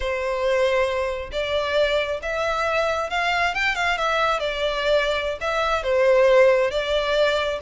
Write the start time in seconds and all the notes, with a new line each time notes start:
0.00 C5
1.32 D5
2.22 E5
3.10 F5
3.54 G5
3.75 F5
3.97 E5
4.39 D5
5.40 E5
5.83 C5
6.71 D5